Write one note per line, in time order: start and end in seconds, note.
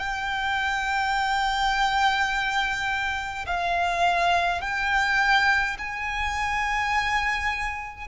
0.00 3.46 G5
3.47 4.62 F5
4.62 5.77 G5
5.79 8.08 G#5